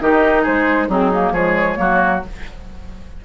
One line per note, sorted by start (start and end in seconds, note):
0.00 0.45 D#3
0.00 0.89 D#4
0.00 0.42 G4
0.00 0.44 D#5
0.42 0.88 G#3
0.42 0.87 G#4
0.42 0.90 C5
0.88 1.31 F#3
0.88 1.12 C4
0.88 1.33 D#4
0.88 1.33 G#4
1.12 1.35 A#3
1.31 1.76 F3
1.31 1.76 G#3
1.31 1.77 G#4
1.31 2.22 C#5
1.76 2.23 F#3
1.76 2.20 A#3
1.76 2.25 F#4